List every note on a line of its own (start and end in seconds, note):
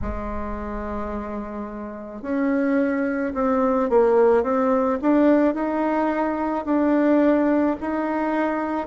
0.01 2.22 G#3
2.22 3.33 C#4
3.34 3.89 C4
3.89 4.43 A#3
4.43 4.98 C4
5.02 5.54 D4
5.54 6.65 D#4
6.65 7.76 D4
7.80 8.87 D#4